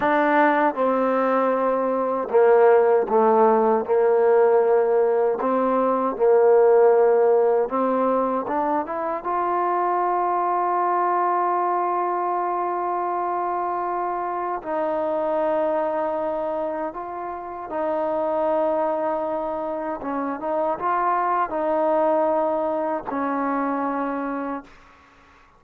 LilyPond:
\new Staff \with { instrumentName = "trombone" } { \time 4/4 \tempo 4 = 78 d'4 c'2 ais4 | a4 ais2 c'4 | ais2 c'4 d'8 e'8 | f'1~ |
f'2. dis'4~ | dis'2 f'4 dis'4~ | dis'2 cis'8 dis'8 f'4 | dis'2 cis'2 | }